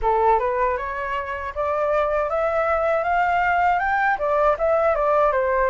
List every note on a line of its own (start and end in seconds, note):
0.02 0.39 A4
0.39 0.77 B4
0.77 1.53 C#5
1.54 2.29 D5
2.29 3.03 E5
3.03 3.79 F5
3.79 4.17 G5
4.18 4.56 D5
4.58 4.95 E5
4.95 5.32 D5
5.32 5.70 C5